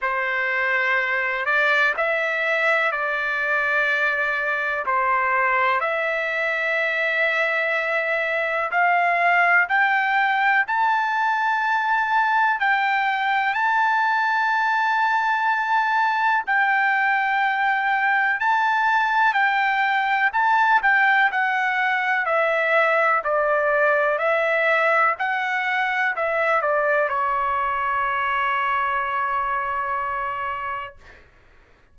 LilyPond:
\new Staff \with { instrumentName = "trumpet" } { \time 4/4 \tempo 4 = 62 c''4. d''8 e''4 d''4~ | d''4 c''4 e''2~ | e''4 f''4 g''4 a''4~ | a''4 g''4 a''2~ |
a''4 g''2 a''4 | g''4 a''8 g''8 fis''4 e''4 | d''4 e''4 fis''4 e''8 d''8 | cis''1 | }